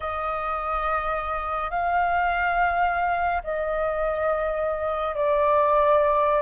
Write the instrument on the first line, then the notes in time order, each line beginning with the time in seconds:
flute
0.00 D#5
1.70 F5
3.43 D#5
5.15 D5